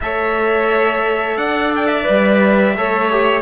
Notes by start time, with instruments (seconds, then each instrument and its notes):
0.01 cello A3, trombone A4, violin C#5, trumpet E5
1.37 cello D4, violin D5, trumpet F#5
1.75 trumpet G5
1.86 trumpet E5
2.03 cello G3, trombone B4
2.76 cello A3, trombone A4, violin C#5
3.11 trombone G4